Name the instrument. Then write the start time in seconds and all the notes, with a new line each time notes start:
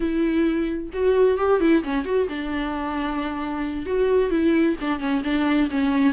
viola
0.00 E4
0.93 F#4
1.38 G4
1.60 E4
1.83 C#4
2.04 F#4
2.28 D4
3.86 F#4
4.30 E4
4.81 D4
4.99 C#4
5.24 D4
5.70 C#4